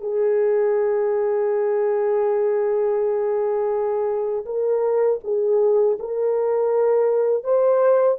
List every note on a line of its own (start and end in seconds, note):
0.00 4.44 G#4
4.45 5.19 A#4
5.24 5.98 G#4
5.99 7.43 A#4
7.43 8.18 C5